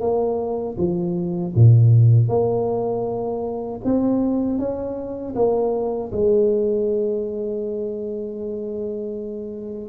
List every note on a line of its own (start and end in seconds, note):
0.00 0.76 A#3
0.77 1.53 F3
1.55 2.28 A#2
2.28 3.80 A#3
3.84 4.59 C4
4.59 5.35 C#4
5.35 6.11 A#3
6.12 9.88 G#3